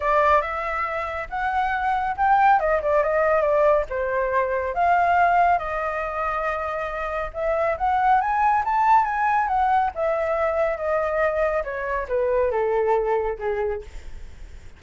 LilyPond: \new Staff \with { instrumentName = "flute" } { \time 4/4 \tempo 4 = 139 d''4 e''2 fis''4~ | fis''4 g''4 dis''8 d''8 dis''4 | d''4 c''2 f''4~ | f''4 dis''2.~ |
dis''4 e''4 fis''4 gis''4 | a''4 gis''4 fis''4 e''4~ | e''4 dis''2 cis''4 | b'4 a'2 gis'4 | }